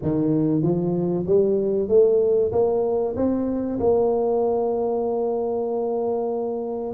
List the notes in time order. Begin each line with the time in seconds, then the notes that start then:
0.02 D#3
0.62 F3
1.26 G3
1.88 A3
2.51 A#3
3.16 C4
3.79 A#3